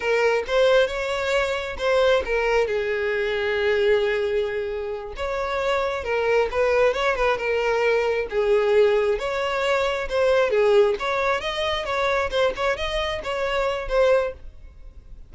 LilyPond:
\new Staff \with { instrumentName = "violin" } { \time 4/4 \tempo 4 = 134 ais'4 c''4 cis''2 | c''4 ais'4 gis'2~ | gis'2.~ gis'8 cis''8~ | cis''4. ais'4 b'4 cis''8 |
b'8 ais'2 gis'4.~ | gis'8 cis''2 c''4 gis'8~ | gis'8 cis''4 dis''4 cis''4 c''8 | cis''8 dis''4 cis''4. c''4 | }